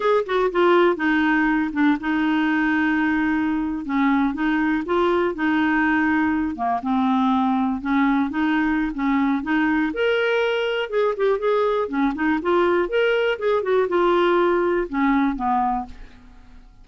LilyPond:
\new Staff \with { instrumentName = "clarinet" } { \time 4/4 \tempo 4 = 121 gis'8 fis'8 f'4 dis'4. d'8 | dis'2.~ dis'8. cis'16~ | cis'8. dis'4 f'4 dis'4~ dis'16~ | dis'4~ dis'16 ais8 c'2 cis'16~ |
cis'8. dis'4~ dis'16 cis'4 dis'4 | ais'2 gis'8 g'8 gis'4 | cis'8 dis'8 f'4 ais'4 gis'8 fis'8 | f'2 cis'4 b4 | }